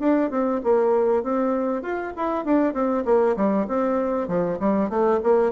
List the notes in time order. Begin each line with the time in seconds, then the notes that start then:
0.00 D4
0.31 C4
0.64 A#3
1.24 C4
1.83 F4
2.17 E4
2.45 D4
2.74 C4
3.06 A#3
3.36 G3
3.68 C4
4.29 F3
4.60 G3
4.90 A3
5.24 A#3